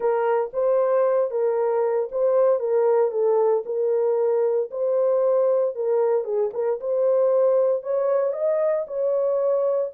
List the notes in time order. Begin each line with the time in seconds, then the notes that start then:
0.00 A#4
0.53 C5
1.30 A#4
2.11 C5
2.59 A#4
3.11 A4
3.65 A#4
4.71 C5
5.75 A#4
6.24 G#4
6.53 A#4
6.80 C5
7.83 C#5
8.32 D#5
8.87 C#5